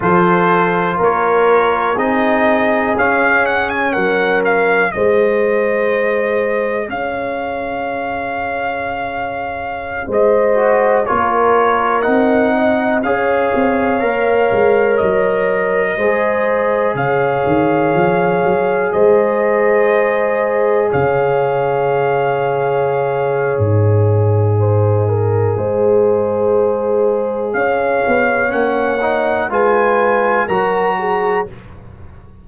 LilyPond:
<<
  \new Staff \with { instrumentName = "trumpet" } { \time 4/4 \tempo 4 = 61 c''4 cis''4 dis''4 f''8 fis''16 gis''16 | fis''8 f''8 dis''2 f''4~ | f''2~ f''16 dis''4 cis''8.~ | cis''16 fis''4 f''2 dis''8.~ |
dis''4~ dis''16 f''2 dis''8.~ | dis''4~ dis''16 f''2~ f''8. | dis''1 | f''4 fis''4 gis''4 ais''4 | }
  \new Staff \with { instrumentName = "horn" } { \time 4/4 a'4 ais'4 gis'2 | ais'4 c''2 cis''4~ | cis''2~ cis''16 c''4 ais'8.~ | ais'8. dis''8 cis''2~ cis''8.~ |
cis''16 c''4 cis''2 c''8.~ | c''4~ c''16 cis''2~ cis''8.~ | cis''4 c''8 ais'8 c''2 | cis''2 b'4 ais'8 gis'8 | }
  \new Staff \with { instrumentName = "trombone" } { \time 4/4 f'2 dis'4 cis'4~ | cis'4 gis'2.~ | gis'2~ gis'8. fis'8 f'8.~ | f'16 dis'4 gis'4 ais'4.~ ais'16~ |
ais'16 gis'2.~ gis'8.~ | gis'1~ | gis'1~ | gis'4 cis'8 dis'8 f'4 fis'4 | }
  \new Staff \with { instrumentName = "tuba" } { \time 4/4 f4 ais4 c'4 cis'4 | fis4 gis2 cis'4~ | cis'2~ cis'16 gis4 ais8.~ | ais16 c'4 cis'8 c'8 ais8 gis8 fis8.~ |
fis16 gis4 cis8 dis8 f8 fis8 gis8.~ | gis4~ gis16 cis2~ cis8. | gis,2 gis2 | cis'8 b8 ais4 gis4 fis4 | }
>>